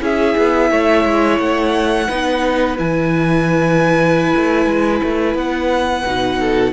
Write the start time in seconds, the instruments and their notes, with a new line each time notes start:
0.00 cello C#4, viola E4, violin G#4 E5
0.37 cello B3
0.71 cello A3, violin C#5
1.04 cello G#3
1.39 cello A3, violin F#5
2.07 cello B3, viola D#4, violin B4
2.77 cello E3, viola E4, violin G#5
4.36 cello A3
4.66 cello G#3
5.03 cello A3
5.34 cello B3, violin F#5
6.06 cello B2, viola D#4
6.40 violin A4